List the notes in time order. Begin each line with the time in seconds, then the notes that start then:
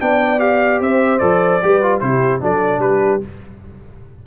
0.00 B3 D4 D5 G5
0.39 G4 F5
0.80 C4 C5 E5
1.18 F3 A4 D5
1.62 G3 G4 B4
1.82 F4
2.00 C3 E4 G4 C5
2.40 F#3 D4 A4 D5
2.79 G3 B4
2.86 G4